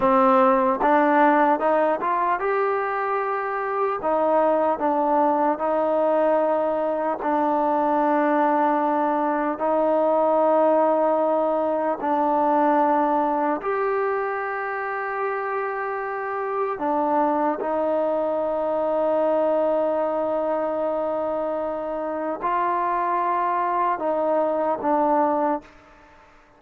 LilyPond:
\new Staff \with { instrumentName = "trombone" } { \time 4/4 \tempo 4 = 75 c'4 d'4 dis'8 f'8 g'4~ | g'4 dis'4 d'4 dis'4~ | dis'4 d'2. | dis'2. d'4~ |
d'4 g'2.~ | g'4 d'4 dis'2~ | dis'1 | f'2 dis'4 d'4 | }